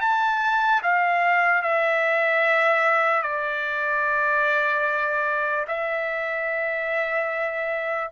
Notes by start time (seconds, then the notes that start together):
0.00 A5
0.82 F5
1.62 E5
3.22 D5
5.67 E5